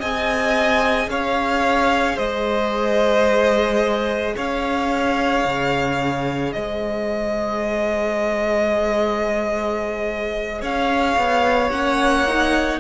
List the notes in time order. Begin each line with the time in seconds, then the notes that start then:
0.00 C4 G#4 D#5 G#5
1.08 C#4 C#5 F5
2.16 G#3 C5 D#5
4.37 C#4 C#5 F5
5.45 C#3
6.53 G#3 C5 D#5
10.62 C#4 C#5 F5
11.17 B3
11.71 A#3 C#4 F#5
12.28 D#4